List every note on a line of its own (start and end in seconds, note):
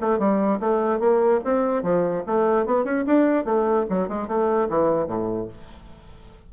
0.00 0.19 A3
0.19 0.60 G3
0.60 0.99 A3
0.99 1.40 A#3
1.44 1.83 C4
1.83 2.24 F3
2.26 2.66 A3
2.66 2.84 B3
2.84 3.04 C#4
3.06 3.44 D4
3.44 3.85 A3
3.89 4.08 F#3
4.08 4.27 G#3
4.27 4.68 A3
4.69 5.07 E3
5.07 5.48 A2